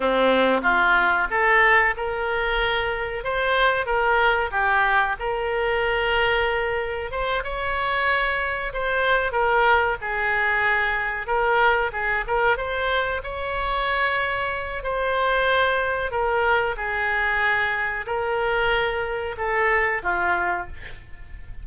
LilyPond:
\new Staff \with { instrumentName = "oboe" } { \time 4/4 \tempo 4 = 93 c'4 f'4 a'4 ais'4~ | ais'4 c''4 ais'4 g'4 | ais'2. c''8 cis''8~ | cis''4. c''4 ais'4 gis'8~ |
gis'4. ais'4 gis'8 ais'8 c''8~ | c''8 cis''2~ cis''8 c''4~ | c''4 ais'4 gis'2 | ais'2 a'4 f'4 | }